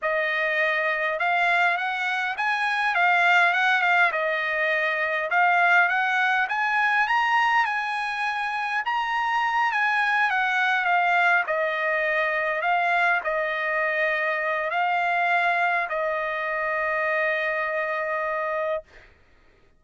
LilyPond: \new Staff \with { instrumentName = "trumpet" } { \time 4/4 \tempo 4 = 102 dis''2 f''4 fis''4 | gis''4 f''4 fis''8 f''8 dis''4~ | dis''4 f''4 fis''4 gis''4 | ais''4 gis''2 ais''4~ |
ais''8 gis''4 fis''4 f''4 dis''8~ | dis''4. f''4 dis''4.~ | dis''4 f''2 dis''4~ | dis''1 | }